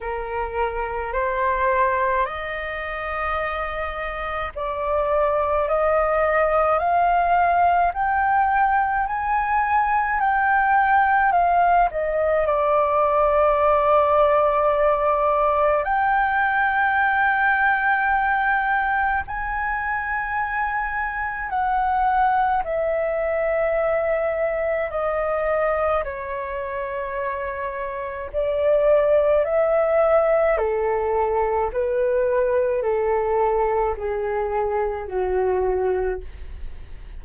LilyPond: \new Staff \with { instrumentName = "flute" } { \time 4/4 \tempo 4 = 53 ais'4 c''4 dis''2 | d''4 dis''4 f''4 g''4 | gis''4 g''4 f''8 dis''8 d''4~ | d''2 g''2~ |
g''4 gis''2 fis''4 | e''2 dis''4 cis''4~ | cis''4 d''4 e''4 a'4 | b'4 a'4 gis'4 fis'4 | }